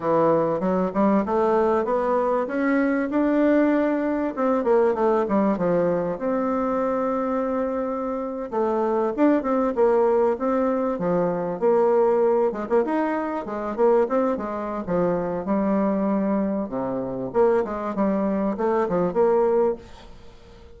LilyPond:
\new Staff \with { instrumentName = "bassoon" } { \time 4/4 \tempo 4 = 97 e4 fis8 g8 a4 b4 | cis'4 d'2 c'8 ais8 | a8 g8 f4 c'2~ | c'4.~ c'16 a4 d'8 c'8 ais16~ |
ais8. c'4 f4 ais4~ ais16~ | ais16 gis16 ais16 dis'4 gis8 ais8 c'8 gis8. | f4 g2 c4 | ais8 gis8 g4 a8 f8 ais4 | }